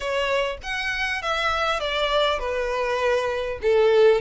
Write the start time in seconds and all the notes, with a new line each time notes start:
0.00 C#5
0.62 F#5
1.22 E5
1.80 D5
2.39 B4
3.62 A4